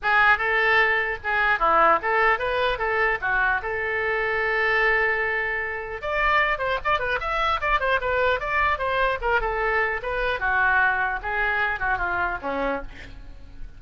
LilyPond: \new Staff \with { instrumentName = "oboe" } { \time 4/4 \tempo 4 = 150 gis'4 a'2 gis'4 | e'4 a'4 b'4 a'4 | fis'4 a'2.~ | a'2. d''4~ |
d''8 c''8 d''8 b'8 e''4 d''8 c''8 | b'4 d''4 c''4 ais'8 a'8~ | a'4 b'4 fis'2 | gis'4. fis'8 f'4 cis'4 | }